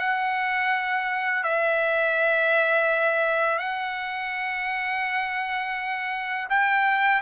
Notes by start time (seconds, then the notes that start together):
0.00 F#5
1.44 E5
3.59 F#5
6.50 G5